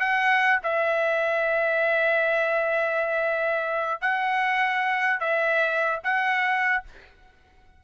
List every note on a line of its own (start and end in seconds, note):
0.00 0.60 F#5
0.63 4.01 E5
4.01 5.20 F#5
5.20 6.00 E5
6.04 6.84 F#5